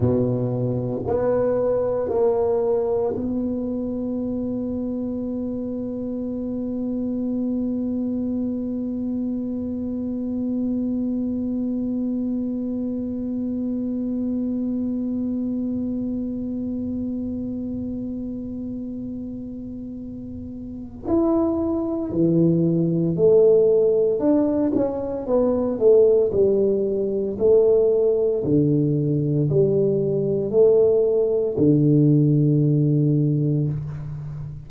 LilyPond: \new Staff \with { instrumentName = "tuba" } { \time 4/4 \tempo 4 = 57 b,4 b4 ais4 b4~ | b1~ | b1~ | b1~ |
b1 | e'4 e4 a4 d'8 cis'8 | b8 a8 g4 a4 d4 | g4 a4 d2 | }